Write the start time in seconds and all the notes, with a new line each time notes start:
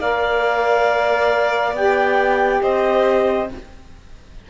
0.00 A#3 A#4 D5 F5
1.72 B3 G4 G5
2.62 C4 C5 D#5